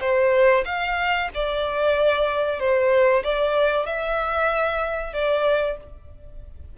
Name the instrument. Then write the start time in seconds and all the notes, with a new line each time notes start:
violin
0.00 C5
0.65 F5
1.34 D5
2.59 C5
3.23 D5
3.85 E5
5.13 D5